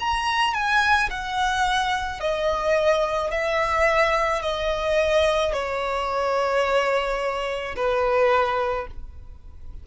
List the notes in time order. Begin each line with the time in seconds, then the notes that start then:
0.00 A#5
0.54 G#5
1.11 F#5
2.21 D#5
3.32 E5
4.42 D#5
5.54 C#5
7.76 B4